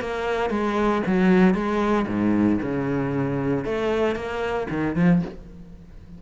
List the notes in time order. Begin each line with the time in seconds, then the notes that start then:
0.00 A#3
0.50 G#3
1.06 F#3
1.54 G#3
2.07 G#2
2.61 C#3
3.65 A3
4.15 A#3
4.70 D#3
4.95 F3